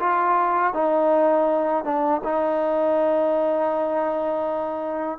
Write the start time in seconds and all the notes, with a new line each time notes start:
0.00 F4
0.74 D#4
1.85 D4
2.25 D#4